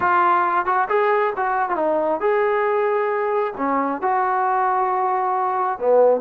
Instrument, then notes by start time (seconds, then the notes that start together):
trombone
0.00 F4
0.65 F#4
0.88 G#4
1.36 F#4
1.69 F4
1.76 D#4
2.20 G#4
3.57 C#4
4.01 F#4
5.78 B3